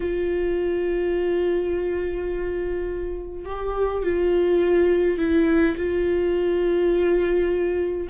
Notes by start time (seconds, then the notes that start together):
0.00 F4
3.45 G4
4.03 F4
5.18 E4
5.77 F4